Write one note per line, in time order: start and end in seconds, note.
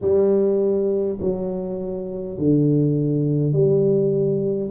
0.01 1.18 G3
1.20 2.38 F#3
2.38 3.52 D3
3.52 4.70 G3